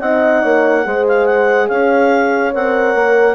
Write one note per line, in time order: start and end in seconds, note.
0.00 0.43 C4
0.00 0.84 D#4
0.00 0.42 D#5
0.00 1.06 F#5
0.42 0.86 A#3
0.42 0.85 C#5
0.84 1.70 G#3
0.84 2.53 G#4
0.84 1.69 C5
1.08 1.26 F5
1.26 1.68 F#5
1.69 2.54 C#4
1.69 3.36 C#5
1.69 2.53 F5
2.54 2.95 C4
2.54 3.36 A#4
2.54 3.36 F#5
2.95 3.36 A#3